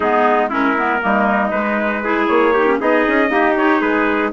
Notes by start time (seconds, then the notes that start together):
0.00 G#3 B3 D#4 G#4
0.49 C#4 E4 A#4
0.77 B3
1.01 G3 A#3 D#4
1.50 G#3 B4
2.03 E4 G#4
2.27 A#3 C#5
2.53 D#4 G4
2.67 C#4
2.80 B3 D#4 G#4 D#5
3.07 C#4
3.28 A#3 D#4 G4
3.56 D#4 C#5
3.80 G#3 G#4 B4